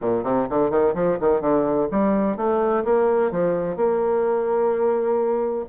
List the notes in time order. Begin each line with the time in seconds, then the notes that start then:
0.01 A#2
0.23 C3
0.49 D3
0.70 D#3
0.94 F3
1.19 D#3
1.40 D3
1.91 G3
2.36 A3
2.84 A#3
3.31 F3
3.76 A#3